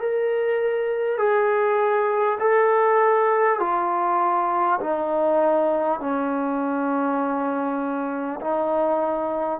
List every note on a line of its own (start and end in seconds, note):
0.00 1.18 A#4
1.18 2.38 G#4
2.39 3.59 A4
3.59 4.79 F4
4.80 5.99 D#4
5.99 8.39 C#4
8.40 9.59 D#4